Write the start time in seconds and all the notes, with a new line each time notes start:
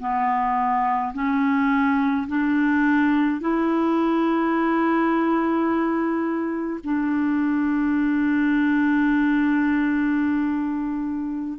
0.00 B3
1.14 C#4
2.28 D4
3.41 E4
6.84 D4